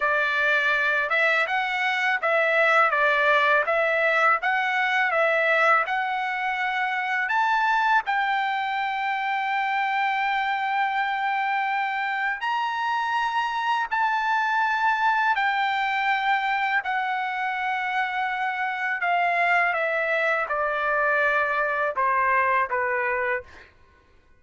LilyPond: \new Staff \with { instrumentName = "trumpet" } { \time 4/4 \tempo 4 = 82 d''4. e''8 fis''4 e''4 | d''4 e''4 fis''4 e''4 | fis''2 a''4 g''4~ | g''1~ |
g''4 ais''2 a''4~ | a''4 g''2 fis''4~ | fis''2 f''4 e''4 | d''2 c''4 b'4 | }